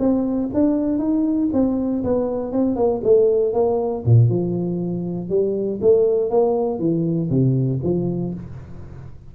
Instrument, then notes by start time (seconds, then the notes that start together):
tuba
0.00 C4
0.54 D4
0.99 D#4
1.54 C4
2.04 B3
2.53 C4
2.76 A#3
3.04 A3
3.54 A#3
4.06 A#2
4.30 F3
5.30 G3
5.82 A3
6.30 A#3
6.79 E3
7.30 C3
7.84 F3